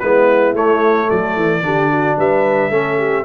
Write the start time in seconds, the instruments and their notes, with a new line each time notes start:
0.00 tuba G#3, trombone B3, horn E4, trumpet B4
0.54 tuba A3, trombone A3, trumpet C#5
1.06 tuba F#3, horn A4, trumpet D5
1.37 tuba E3
1.63 tuba D3, trombone D4, horn G4
1.91 horn F#4
2.18 tuba G3, horn B4, trumpet E5
2.70 tuba A3, trombone C#4, horn A4
2.98 horn G4